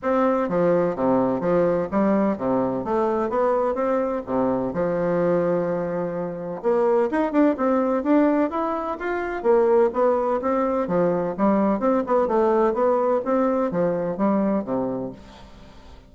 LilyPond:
\new Staff \with { instrumentName = "bassoon" } { \time 4/4 \tempo 4 = 127 c'4 f4 c4 f4 | g4 c4 a4 b4 | c'4 c4 f2~ | f2 ais4 dis'8 d'8 |
c'4 d'4 e'4 f'4 | ais4 b4 c'4 f4 | g4 c'8 b8 a4 b4 | c'4 f4 g4 c4 | }